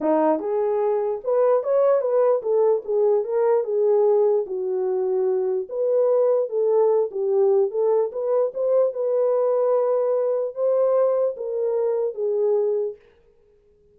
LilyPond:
\new Staff \with { instrumentName = "horn" } { \time 4/4 \tempo 4 = 148 dis'4 gis'2 b'4 | cis''4 b'4 a'4 gis'4 | ais'4 gis'2 fis'4~ | fis'2 b'2 |
a'4. g'4. a'4 | b'4 c''4 b'2~ | b'2 c''2 | ais'2 gis'2 | }